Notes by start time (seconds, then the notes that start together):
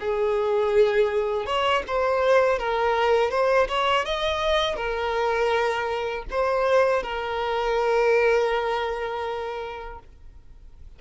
0.00 G#4
1.46 C#5
1.88 C5
2.59 A#4
3.31 C5
3.69 C#5
4.05 D#5
4.76 A#4
6.31 C5
7.03 A#4